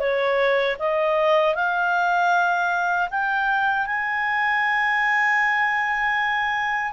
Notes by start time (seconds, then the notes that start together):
0.00 C#5
0.79 D#5
1.56 F5
3.11 G5
3.87 G#5